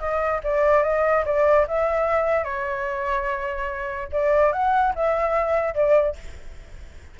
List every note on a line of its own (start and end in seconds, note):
0.00 0.41 D#5
0.44 0.84 D5
0.84 1.25 D#5
1.26 1.67 D5
1.68 2.44 E5
2.44 4.09 C#5
4.12 4.53 D5
4.53 4.94 F#5
4.96 5.75 E5
5.75 6.16 D5